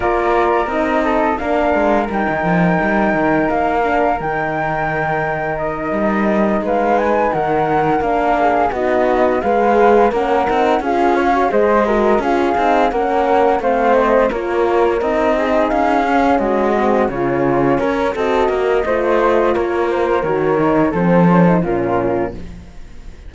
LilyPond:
<<
  \new Staff \with { instrumentName = "flute" } { \time 4/4 \tempo 4 = 86 d''4 dis''4 f''4 g''4~ | g''4 f''4 g''2 | dis''4. f''8 gis''8 fis''4 f''8~ | f''8 dis''4 f''4 fis''4 f''8~ |
f''8 dis''4 f''4 fis''4 f''8 | dis''8 cis''4 dis''4 f''4 dis''8~ | dis''8 cis''4. dis''2 | cis''8 c''8 cis''4 c''4 ais'4 | }
  \new Staff \with { instrumentName = "flute" } { \time 4/4 ais'4. a'8 ais'2~ | ais'1~ | ais'4. b'4 ais'4. | gis'8 fis'4 b'4 ais'4 gis'8 |
cis''8 c''8 ais'8 gis'4 ais'4 c''8~ | c''8 ais'4. gis'4. fis'8~ | fis'8 f'4 ais'8 a'8 ais'8 c''4 | ais'2 a'4 f'4 | }
  \new Staff \with { instrumentName = "horn" } { \time 4/4 f'4 dis'4 d'4 dis'4~ | dis'4. d'8 dis'2~ | dis'2.~ dis'8 d'8~ | d'8 dis'4 gis'4 cis'8 dis'8 f'8~ |
f'16 fis'16 gis'8 fis'8 f'8 dis'8 cis'4 c'8~ | c'8 f'4 dis'4. cis'4 | c'8 cis'4. fis'4 f'4~ | f'4 fis'8 dis'8 c'8 cis'16 dis'16 cis'4 | }
  \new Staff \with { instrumentName = "cello" } { \time 4/4 ais4 c'4 ais8 gis8 g16 dis16 f8 | g8 dis8 ais4 dis2~ | dis8 g4 gis4 dis4 ais8~ | ais8 b4 gis4 ais8 c'8 cis'8~ |
cis'8 gis4 cis'8 c'8 ais4 a8~ | a8 ais4 c'4 cis'4 gis8~ | gis8 cis4 cis'8 c'8 ais8 a4 | ais4 dis4 f4 ais,4 | }
>>